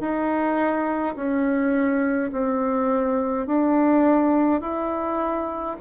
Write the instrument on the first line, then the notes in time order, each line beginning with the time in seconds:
bassoon
0.00 D#4
1.15 C#4
2.32 C4
3.47 D4
4.60 E4